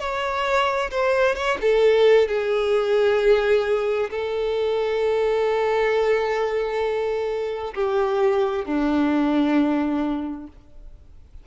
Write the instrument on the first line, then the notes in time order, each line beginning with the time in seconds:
violin
0.00 C#5
0.91 C5
1.36 C#5
1.62 A4
2.29 G#4
4.11 A4
7.75 G4
8.66 D4